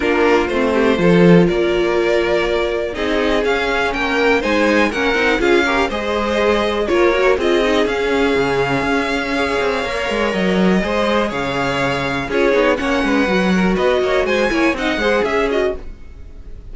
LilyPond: <<
  \new Staff \with { instrumentName = "violin" } { \time 4/4 \tempo 4 = 122 ais'4 c''2 d''4~ | d''2 dis''4 f''4 | g''4 gis''4 fis''4 f''4 | dis''2 cis''4 dis''4 |
f''1~ | f''4 dis''2 f''4~ | f''4 cis''4 fis''2 | dis''4 gis''4 fis''4 e''8 dis''8 | }
  \new Staff \with { instrumentName = "violin" } { \time 4/4 f'4. g'8 a'4 ais'4~ | ais'2 gis'2 | ais'4 c''4 ais'4 gis'8 ais'8 | c''2 ais'4 gis'4~ |
gis'2. cis''4~ | cis''2 c''4 cis''4~ | cis''4 gis'4 cis''8 b'4 ais'8 | b'8 cis''8 c''8 cis''8 dis''8 c''8 gis'4 | }
  \new Staff \with { instrumentName = "viola" } { \time 4/4 d'4 c'4 f'2~ | f'2 dis'4 cis'4~ | cis'4 dis'4 cis'8 dis'8 f'8 g'8 | gis'2 f'8 fis'8 f'8 dis'8 |
cis'2. gis'4 | ais'2 gis'2~ | gis'4 f'8 dis'8 cis'4 fis'4~ | fis'4. e'8 dis'8 gis'4 fis'8 | }
  \new Staff \with { instrumentName = "cello" } { \time 4/4 ais4 a4 f4 ais4~ | ais2 c'4 cis'4 | ais4 gis4 ais8 c'8 cis'4 | gis2 ais4 c'4 |
cis'4 cis4 cis'4. c'8 | ais8 gis8 fis4 gis4 cis4~ | cis4 cis'8 b8 ais8 gis8 fis4 | b8 ais8 gis8 ais8 c'8 gis8 cis'4 | }
>>